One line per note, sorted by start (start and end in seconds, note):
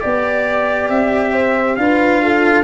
0.00 0.89 B3
0.00 1.77 G4
0.00 0.88 D5
0.00 1.32 D5
0.89 1.78 C4
0.89 1.75 E5
1.32 1.76 C5
1.75 2.64 D4
1.75 2.64 F4
1.75 2.23 B4
1.75 2.64 F5
2.23 2.64 A4